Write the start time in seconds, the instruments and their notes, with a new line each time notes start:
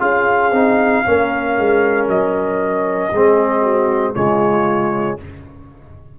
0.00 tuba C#4, trombone F4, horn G#4, trumpet F5
0.52 tuba C4, trombone D#4
1.06 tuba A#3, trombone C#4, horn A#4
1.58 tuba G#3
2.08 tuba F#3, trumpet D#5
3.11 tuba G#3, trombone C4, horn G#4
3.62 horn F#4
4.15 tuba C#3, trombone G#3, horn F4, trumpet C#5